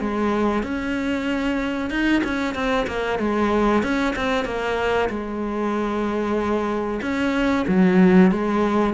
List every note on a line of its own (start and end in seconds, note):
0.00 0.63 G#3
0.63 1.90 C#4
1.90 2.22 D#4
2.24 2.54 C#4
2.54 2.86 C4
2.87 3.19 A#3
3.19 3.83 G#3
3.83 4.15 C#4
4.16 4.45 C4
4.45 5.09 A#3
5.09 7.01 G#3
7.02 7.66 C#4
7.68 8.31 F#3
8.31 8.94 G#3